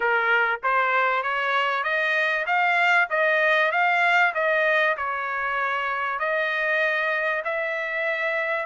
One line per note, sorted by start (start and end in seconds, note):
0.00 0.60 A#4
0.63 1.22 C5
1.22 1.83 C#5
1.83 2.45 D#5
2.46 3.08 F5
3.10 3.71 D#5
3.71 4.33 F5
4.34 4.96 D#5
4.97 6.19 C#5
6.19 7.43 D#5
7.44 8.65 E5